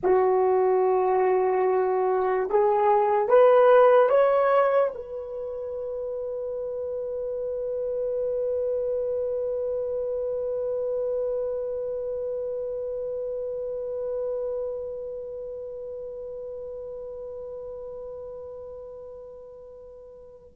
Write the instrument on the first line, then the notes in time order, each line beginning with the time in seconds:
horn
0.03 F#4
2.50 G#4
3.28 B4
4.09 C#5
4.94 B4